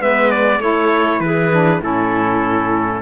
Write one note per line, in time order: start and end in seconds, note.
0.00 0.60 G#3
0.00 0.61 B3
0.00 0.60 B4
0.00 0.31 E5
0.31 0.61 D5
0.60 1.20 A3
0.60 1.52 E4
0.60 1.21 A4
0.60 1.20 C#5
1.20 1.80 E3
1.20 1.82 G#4
1.20 1.81 B4
1.52 1.81 D4
1.80 3.01 A2
1.80 3.02 C#4
1.80 3.03 E4
1.80 3.03 A4